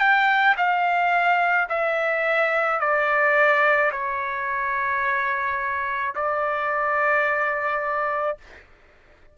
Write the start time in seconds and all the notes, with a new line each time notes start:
0.00 G5
0.58 F5
1.70 E5
2.81 D5
3.92 C#5
6.16 D5